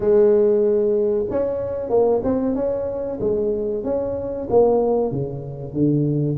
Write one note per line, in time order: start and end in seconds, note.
0.00 1.25 G#3
1.30 1.89 C#4
1.89 2.21 A#3
2.23 2.55 C4
2.55 3.19 C#4
3.20 3.84 G#3
3.84 4.47 C#4
4.50 5.11 A#3
5.11 5.73 C#3
5.73 6.37 D3